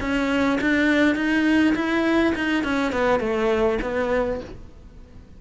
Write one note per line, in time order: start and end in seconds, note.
0.00 0.59 C#4
0.61 1.15 D4
1.15 1.74 D#4
1.75 2.34 E4
2.35 2.63 D#4
2.63 2.92 C#4
2.92 3.20 B3
3.20 3.78 A3
3.82 4.40 B3